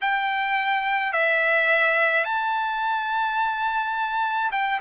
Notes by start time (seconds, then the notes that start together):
0.01 G5
1.13 E5
2.24 A5
4.51 G5